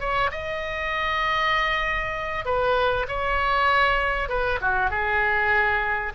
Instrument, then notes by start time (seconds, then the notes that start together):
oboe
0.00 C#5
0.31 D#5
2.45 B4
3.08 C#5
4.29 B4
4.61 F#4
4.90 G#4